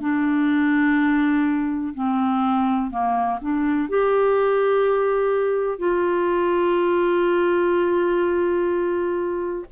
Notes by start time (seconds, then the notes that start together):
0.00 D4
1.94 C4
2.91 A#3
3.41 D4
3.89 G4
5.78 F4